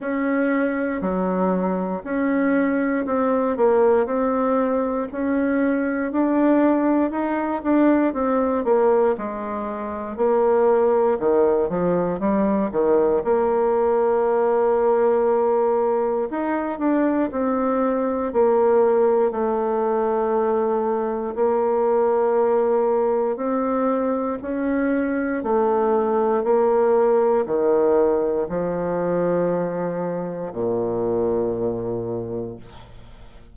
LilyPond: \new Staff \with { instrumentName = "bassoon" } { \time 4/4 \tempo 4 = 59 cis'4 fis4 cis'4 c'8 ais8 | c'4 cis'4 d'4 dis'8 d'8 | c'8 ais8 gis4 ais4 dis8 f8 | g8 dis8 ais2. |
dis'8 d'8 c'4 ais4 a4~ | a4 ais2 c'4 | cis'4 a4 ais4 dis4 | f2 ais,2 | }